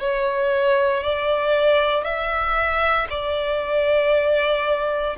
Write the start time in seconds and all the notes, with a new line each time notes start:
0.00 C#5
1.03 D5
2.04 E5
3.10 D5